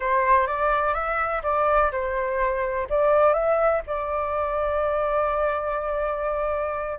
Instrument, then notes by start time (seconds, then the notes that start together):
flute
0.00 C5
0.46 D5
0.93 E5
1.43 D5
1.91 C5
2.89 D5
3.33 E5
3.86 D5